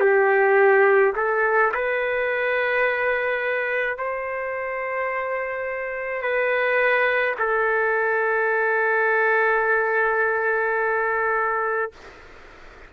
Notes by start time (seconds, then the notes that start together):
0.00 G4
1.16 A4
1.74 B4
3.97 C5
6.22 B4
7.38 A4